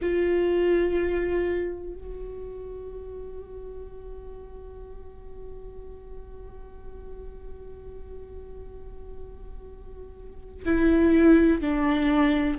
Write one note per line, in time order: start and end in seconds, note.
0.01 1.93 F4
1.93 10.64 F#4
10.65 11.61 E4
11.61 12.58 D4